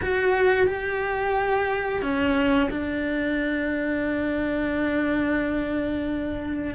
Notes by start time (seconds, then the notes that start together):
0.01 F#4
0.67 G4
2.02 C#4
2.70 D4